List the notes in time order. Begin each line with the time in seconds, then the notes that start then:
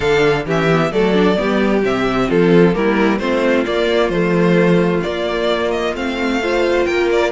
0.00 D3 D4 A4 F5
0.45 E3 C#4 G4 E5
0.71 B3
0.92 F#3 A3 A4 D5
1.13 D4
1.35 G3 B3 G4
1.83 C3 C4 E5
2.28 F3 F4 A4
2.73 G3 A#3 E4 A#4
3.18 A3 C4 F4 C5
3.66 A#3 D5
4.09 F3 A3 C5
5.02 A#3 D5
5.71 D#5
5.94 A3 C4 F5
6.41 F4 C5
6.85 A#3 A#4 G5
7.11 D5